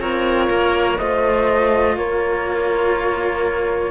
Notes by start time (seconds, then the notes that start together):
0.00 C4 F4 A#4 C#5
0.50 A#3
0.98 A3 F4 C5 D#5
1.97 A#3 A#4 C#5